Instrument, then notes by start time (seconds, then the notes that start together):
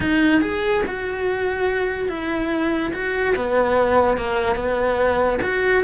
cello
0.00 D#4
0.41 G#4
0.87 F#4
2.09 E4
2.93 F#4
3.36 B3
4.17 A#3
4.55 B3
5.42 F#4